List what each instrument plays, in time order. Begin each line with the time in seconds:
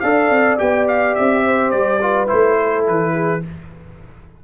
0.00 tuba D4, trombone A4, horn D5, trumpet F5
0.29 tuba C4
0.58 tuba B3, trombone G4, trumpet G5
0.87 trumpet F5
1.15 tuba C4, trumpet E5
1.45 horn C5
1.70 tuba G3, trumpet D5
2.00 trombone F4, horn B4
2.27 tuba A3, trombone E4, trumpet C5
2.58 horn A4
2.87 tuba E3, trumpet B4
3.13 horn G#4